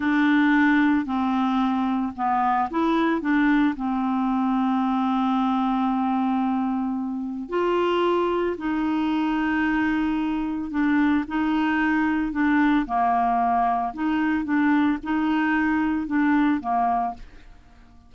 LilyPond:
\new Staff \with { instrumentName = "clarinet" } { \time 4/4 \tempo 4 = 112 d'2 c'2 | b4 e'4 d'4 c'4~ | c'1~ | c'2 f'2 |
dis'1 | d'4 dis'2 d'4 | ais2 dis'4 d'4 | dis'2 d'4 ais4 | }